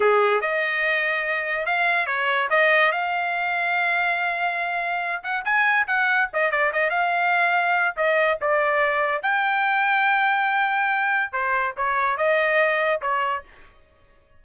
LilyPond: \new Staff \with { instrumentName = "trumpet" } { \time 4/4 \tempo 4 = 143 gis'4 dis''2. | f''4 cis''4 dis''4 f''4~ | f''1~ | f''8 fis''8 gis''4 fis''4 dis''8 d''8 |
dis''8 f''2~ f''8 dis''4 | d''2 g''2~ | g''2. c''4 | cis''4 dis''2 cis''4 | }